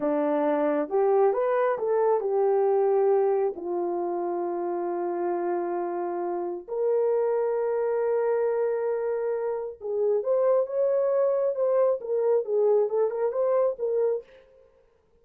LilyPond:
\new Staff \with { instrumentName = "horn" } { \time 4/4 \tempo 4 = 135 d'2 g'4 b'4 | a'4 g'2. | f'1~ | f'2. ais'4~ |
ais'1~ | ais'2 gis'4 c''4 | cis''2 c''4 ais'4 | gis'4 a'8 ais'8 c''4 ais'4 | }